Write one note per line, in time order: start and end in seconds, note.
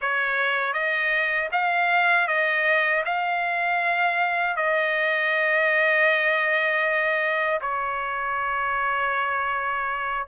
0.01 0.73 C#5
0.73 1.49 D#5
1.52 2.27 F5
2.27 3.03 D#5
3.05 4.56 F5
4.56 7.59 D#5
7.61 10.27 C#5